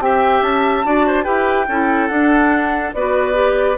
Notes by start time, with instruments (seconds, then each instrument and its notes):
0.00 bassoon C4, clarinet G4, oboe E5, flute G5
0.41 bassoon C#4, flute A5
0.85 bassoon D4, clarinet F#4, oboe D5
1.07 oboe C5
1.24 bassoon E4, clarinet G4, oboe B4, flute G5
1.68 bassoon C#4, clarinet E4, oboe A4
2.07 bassoon D4, clarinet D4, flute F#5
2.93 bassoon B3, clarinet F#4, oboe B4, flute D5
3.34 clarinet G4